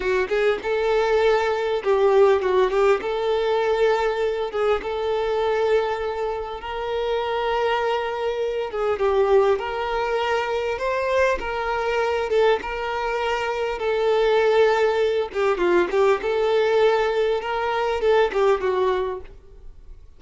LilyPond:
\new Staff \with { instrumentName = "violin" } { \time 4/4 \tempo 4 = 100 fis'8 gis'8 a'2 g'4 | fis'8 g'8 a'2~ a'8 gis'8 | a'2. ais'4~ | ais'2~ ais'8 gis'8 g'4 |
ais'2 c''4 ais'4~ | ais'8 a'8 ais'2 a'4~ | a'4. g'8 f'8 g'8 a'4~ | a'4 ais'4 a'8 g'8 fis'4 | }